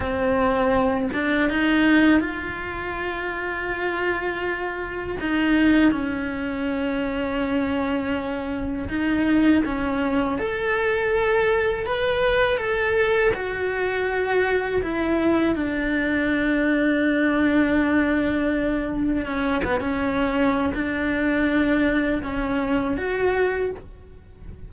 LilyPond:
\new Staff \with { instrumentName = "cello" } { \time 4/4 \tempo 4 = 81 c'4. d'8 dis'4 f'4~ | f'2. dis'4 | cis'1 | dis'4 cis'4 a'2 |
b'4 a'4 fis'2 | e'4 d'2.~ | d'2 cis'8 b16 cis'4~ cis'16 | d'2 cis'4 fis'4 | }